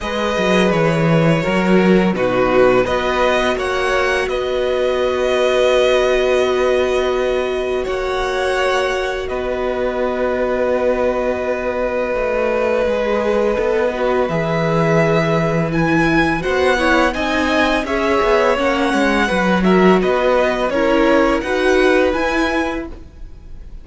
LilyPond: <<
  \new Staff \with { instrumentName = "violin" } { \time 4/4 \tempo 4 = 84 dis''4 cis''2 b'4 | dis''4 fis''4 dis''2~ | dis''2. fis''4~ | fis''4 dis''2.~ |
dis''1 | e''2 gis''4 fis''4 | gis''4 e''4 fis''4. e''8 | dis''4 cis''4 fis''4 gis''4 | }
  \new Staff \with { instrumentName = "violin" } { \time 4/4 b'2 ais'4 fis'4 | b'4 cis''4 b'2~ | b'2. cis''4~ | cis''4 b'2.~ |
b'1~ | b'2. c''8 cis''8 | dis''4 cis''2 b'8 ais'8 | b'4 ais'4 b'2 | }
  \new Staff \with { instrumentName = "viola" } { \time 4/4 gis'2 fis'4 dis'4 | fis'1~ | fis'1~ | fis'1~ |
fis'2 gis'4 a'8 fis'8 | gis'2 e'4 fis'8 e'8 | dis'4 gis'4 cis'4 fis'4~ | fis'4 e'4 fis'4 e'4 | }
  \new Staff \with { instrumentName = "cello" } { \time 4/4 gis8 fis8 e4 fis4 b,4 | b4 ais4 b2~ | b2. ais4~ | ais4 b2.~ |
b4 a4 gis4 b4 | e2. b4 | c'4 cis'8 b8 ais8 gis8 fis4 | b4 cis'4 dis'4 e'4 | }
>>